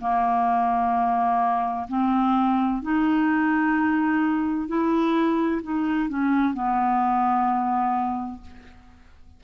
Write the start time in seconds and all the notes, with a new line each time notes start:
0.00 A#3
1.88 C4
2.82 D#4
4.68 E4
5.62 D#4
6.09 C#4
6.54 B3